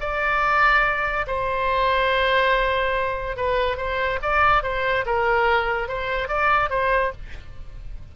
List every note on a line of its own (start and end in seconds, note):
0.00 1.26 D5
1.27 3.36 C5
3.36 3.77 B4
3.77 4.19 C5
4.22 4.63 D5
4.63 5.05 C5
5.06 5.88 A#4
5.88 6.28 C5
6.28 6.70 D5
6.70 7.12 C5